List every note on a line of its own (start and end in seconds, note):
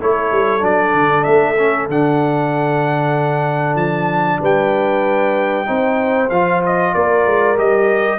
0.00 0.32 A3
0.00 0.61 E4
0.00 4.41 A4
0.00 0.65 C#5
0.32 0.63 G3
0.61 0.94 F#3
0.61 1.56 D4
0.61 1.24 D5
0.94 1.26 D3
1.24 1.89 A3
1.24 1.87 E5
1.58 1.90 C#4
1.89 3.76 D3
1.89 5.66 D4
1.89 3.77 F#5
3.76 4.39 F3
3.76 4.40 A5
4.41 5.68 G3
4.41 5.67 B4
4.41 6.30 G5
5.66 6.31 C4
5.66 6.29 D#4
5.66 6.94 C5
6.30 6.94 F3
6.30 7.57 F4
6.30 6.62 F5
6.66 6.95 D#5
6.94 7.26 A#3
6.94 8.19 A#4
6.94 7.58 D5
7.26 7.58 G#3
7.57 8.19 G3
7.57 8.19 G4
7.57 8.19 D#5